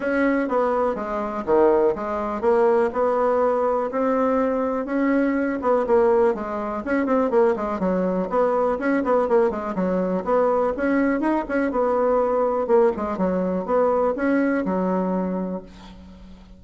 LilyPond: \new Staff \with { instrumentName = "bassoon" } { \time 4/4 \tempo 4 = 123 cis'4 b4 gis4 dis4 | gis4 ais4 b2 | c'2 cis'4. b8 | ais4 gis4 cis'8 c'8 ais8 gis8 |
fis4 b4 cis'8 b8 ais8 gis8 | fis4 b4 cis'4 dis'8 cis'8 | b2 ais8 gis8 fis4 | b4 cis'4 fis2 | }